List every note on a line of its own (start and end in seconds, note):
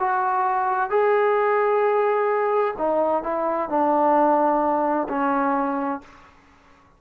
0.00 0.90 F#4
0.90 2.75 G#4
2.78 3.23 D#4
3.23 3.69 E4
3.69 5.08 D4
5.09 6.01 C#4